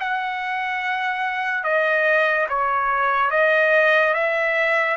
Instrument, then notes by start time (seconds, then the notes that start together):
trumpet
0.00 F#5
1.64 D#5
2.49 C#5
3.31 D#5
4.14 E5